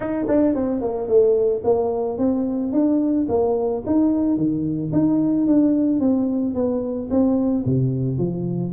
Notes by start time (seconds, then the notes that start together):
0.00 D#4
0.28 D4
0.55 C4
0.81 A#3
1.08 A3
1.63 A#3
2.18 C4
2.72 D4
3.29 A#3
3.86 D#4
4.36 D#3
4.92 D#4
5.46 D4
6.00 C4
6.54 B3
7.10 C4
7.65 C3
8.18 F3